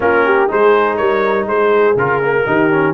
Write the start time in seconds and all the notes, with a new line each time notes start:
0.00 A#3 C#4 F4 A#4
0.25 G4
0.47 G#3 D#4 G#4 C5
0.96 G3 A#4 C#5
1.46 G#3 C5
1.52 G#4
1.95 C#3 F4 A#4
2.22 A#3
2.46 D#3 D#4 G4
2.70 C#4